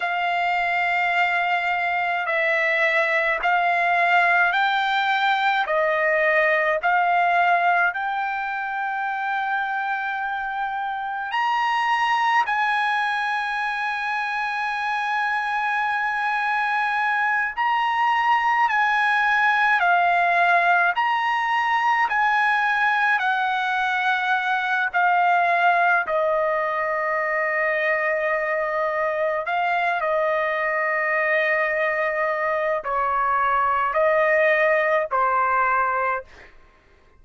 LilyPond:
\new Staff \with { instrumentName = "trumpet" } { \time 4/4 \tempo 4 = 53 f''2 e''4 f''4 | g''4 dis''4 f''4 g''4~ | g''2 ais''4 gis''4~ | gis''2.~ gis''8 ais''8~ |
ais''8 gis''4 f''4 ais''4 gis''8~ | gis''8 fis''4. f''4 dis''4~ | dis''2 f''8 dis''4.~ | dis''4 cis''4 dis''4 c''4 | }